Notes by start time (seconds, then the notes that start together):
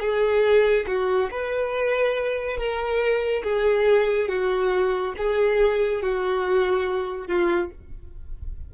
0.00 G#4
0.87 F#4
1.31 B4
2.57 A#4
3.44 G#4
4.29 F#4
5.17 G#4
6.02 F#4
7.27 F4